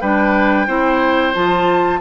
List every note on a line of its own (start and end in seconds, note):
0.00 0.67 G3
0.00 0.67 D4
0.00 0.67 B4
0.00 1.34 G5
0.67 1.34 C4
0.67 1.33 E4
0.67 2.00 C5
1.33 2.00 F3
1.33 2.00 F4
1.33 2.00 A5